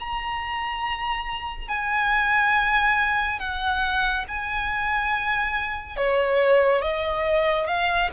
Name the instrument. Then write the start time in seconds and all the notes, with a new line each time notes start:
violin
0.00 A#5
1.68 G#5
3.39 F#5
4.28 G#5
5.96 C#5
6.82 D#5
7.67 F5